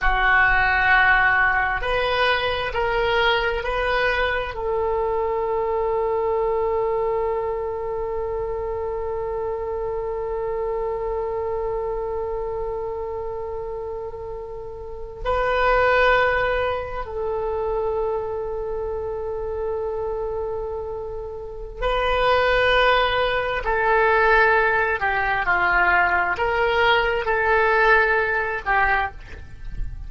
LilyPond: \new Staff \with { instrumentName = "oboe" } { \time 4/4 \tempo 4 = 66 fis'2 b'4 ais'4 | b'4 a'2.~ | a'1~ | a'1~ |
a'8. b'2 a'4~ a'16~ | a'1 | b'2 a'4. g'8 | f'4 ais'4 a'4. g'8 | }